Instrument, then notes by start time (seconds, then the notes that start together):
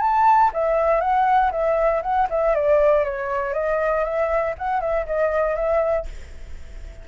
flute
0.00 A5
0.53 E5
1.00 F#5
1.51 E5
2.02 F#5
2.29 E5
2.55 D5
3.04 C#5
3.53 D#5
4.04 E5
4.58 F#5
4.80 E5
5.06 D#5
5.55 E5